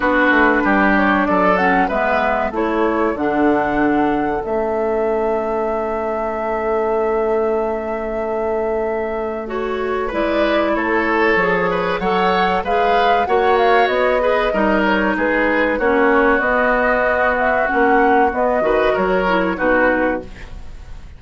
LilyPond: <<
  \new Staff \with { instrumentName = "flute" } { \time 4/4 \tempo 4 = 95 b'4. cis''8 d''8 fis''8 e''4 | cis''4 fis''2 e''4~ | e''1~ | e''2. cis''4 |
d''4 cis''2 fis''4 | f''4 fis''8 f''8 dis''4. cis''8 | b'4 cis''4 dis''4. e''8 | fis''4 dis''4 cis''4 b'4 | }
  \new Staff \with { instrumentName = "oboe" } { \time 4/4 fis'4 g'4 a'4 b'4 | a'1~ | a'1~ | a'1 |
b'4 a'4. b'8 cis''4 | b'4 cis''4. b'8 ais'4 | gis'4 fis'2.~ | fis'4. b'8 ais'4 fis'4 | }
  \new Staff \with { instrumentName = "clarinet" } { \time 4/4 d'2~ d'8 cis'8 b4 | e'4 d'2 cis'4~ | cis'1~ | cis'2. fis'4 |
e'2 gis'4 a'4 | gis'4 fis'4. gis'8 dis'4~ | dis'4 cis'4 b2 | cis'4 b8 fis'4 e'8 dis'4 | }
  \new Staff \with { instrumentName = "bassoon" } { \time 4/4 b8 a8 g4 fis4 gis4 | a4 d2 a4~ | a1~ | a1 |
gis4 a4 f4 fis4 | gis4 ais4 b4 g4 | gis4 ais4 b2 | ais4 b8 dis8 fis4 b,4 | }
>>